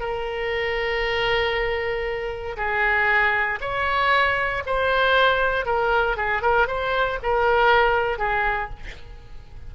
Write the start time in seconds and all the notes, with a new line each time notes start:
0.00 A#4
2.57 G#4
3.61 C#5
4.66 C5
5.66 A#4
6.17 G#4
6.42 A#4
6.67 C5
7.23 A#4
8.18 G#4